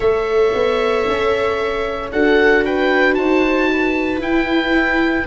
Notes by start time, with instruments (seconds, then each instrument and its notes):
0.00 tuba A3, viola A4 C#5, oboe E5
0.54 tuba B3
1.07 tuba C#4
2.11 tuba D4, viola F#4 A4, oboe F#5
2.64 viola B4, oboe G5
3.14 tuba D#4, viola C5, oboe A5
3.72 viola B4
4.17 tuba E4, viola E4, oboe G5